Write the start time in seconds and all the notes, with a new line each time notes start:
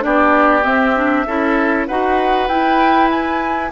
0.00 B3 D4 G4 D5
0.63 C4 E5
0.95 D4
1.26 C#4 E4 A4
1.87 D#4 F#4 B4 F#5
2.48 E4 G5
3.10 G#5